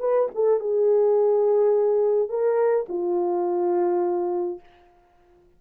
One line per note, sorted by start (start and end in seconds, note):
0.00 0.29 B4
0.35 0.60 A4
0.60 2.29 G#4
2.29 2.86 A#4
2.89 4.60 F4